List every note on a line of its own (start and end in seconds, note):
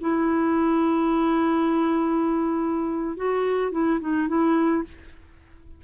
0.00 3.16 E4
3.16 3.71 F#4
3.71 3.99 E4
4.00 4.28 D#4
4.28 4.83 E4